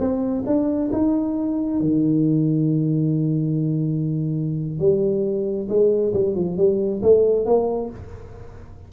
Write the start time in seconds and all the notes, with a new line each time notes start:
0.00 C4
0.47 D4
0.93 D#4
1.81 D#3
4.80 G3
5.69 G#3
6.14 G3
6.36 F3
6.58 G3
7.03 A3
7.46 A#3